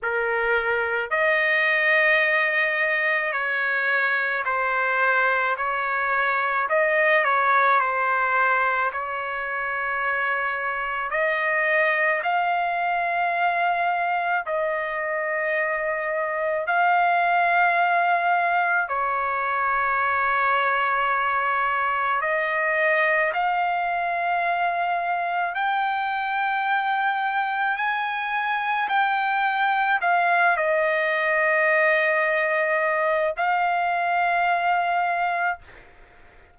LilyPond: \new Staff \with { instrumentName = "trumpet" } { \time 4/4 \tempo 4 = 54 ais'4 dis''2 cis''4 | c''4 cis''4 dis''8 cis''8 c''4 | cis''2 dis''4 f''4~ | f''4 dis''2 f''4~ |
f''4 cis''2. | dis''4 f''2 g''4~ | g''4 gis''4 g''4 f''8 dis''8~ | dis''2 f''2 | }